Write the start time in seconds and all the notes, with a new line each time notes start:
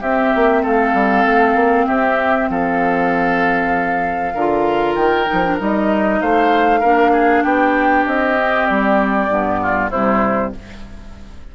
0.00 C4 G4 E5
0.36 A#3
0.63 A3 A4 F5
0.94 G3
1.26 A3
1.55 A#3
1.87 C4 G4 E5
2.50 F3 A4 F5
4.34 D3 F4 A#4
4.96 D#3 G5
5.26 D#4
5.33 F3
5.44 D4
5.59 G3 D#4 D#5
6.22 A3 C5 F5
6.80 A#3 D4 A#4
7.13 G#4
7.43 B3 G4 G5
8.07 C4 D#5
8.38 C4
8.67 G3 D5
9.29 G2 B3
9.63 F4
9.90 C3 G3 E4 C5